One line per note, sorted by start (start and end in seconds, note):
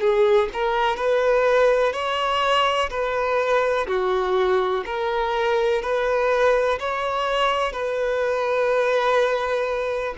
0.00 0.48 G#4
0.53 0.96 A#4
0.96 1.92 B4
1.92 2.89 C#5
2.89 3.86 B4
3.87 4.83 F#4
4.85 5.82 A#4
5.82 6.78 B4
6.79 7.72 C#5
7.72 10.14 B4